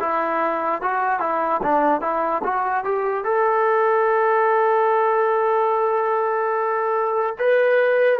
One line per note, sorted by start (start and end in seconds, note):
0.00 0.82 E4
0.82 1.20 F#4
1.20 1.61 E4
1.63 2.01 D4
2.01 2.42 E4
2.44 2.84 F#4
2.84 3.25 G4
3.25 7.36 A4
7.39 8.20 B4